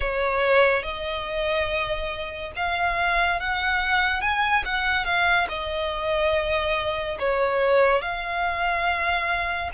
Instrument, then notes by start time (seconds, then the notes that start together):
violin
0.00 C#5
0.83 D#5
2.56 F5
3.40 F#5
4.21 G#5
4.65 F#5
5.04 F5
5.49 D#5
7.19 C#5
8.01 F5